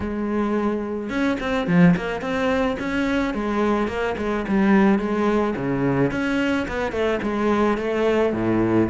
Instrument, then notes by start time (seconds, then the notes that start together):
cello
0.00 G#3
1.09 C#4
1.40 C4
1.67 F3
1.96 A#3
2.21 C4
2.79 C#4
3.34 G#3
3.87 A#3
4.17 G#3
4.47 G3
4.98 G#3
5.56 C#3
6.11 C#4
6.67 B3
6.91 A3
7.22 G#3
7.77 A3
8.33 A2